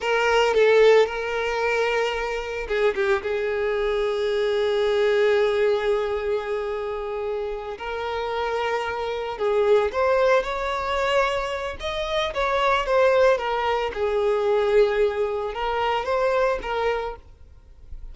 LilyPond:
\new Staff \with { instrumentName = "violin" } { \time 4/4 \tempo 4 = 112 ais'4 a'4 ais'2~ | ais'4 gis'8 g'8 gis'2~ | gis'1~ | gis'2~ gis'8 ais'4.~ |
ais'4. gis'4 c''4 cis''8~ | cis''2 dis''4 cis''4 | c''4 ais'4 gis'2~ | gis'4 ais'4 c''4 ais'4 | }